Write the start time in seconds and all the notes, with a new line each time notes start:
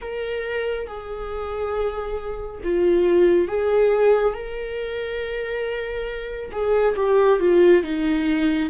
0.01 A#4
0.87 G#4
2.63 F4
3.47 G#4
4.34 A#4
6.51 G#4
6.96 G4
7.39 F4
7.83 D#4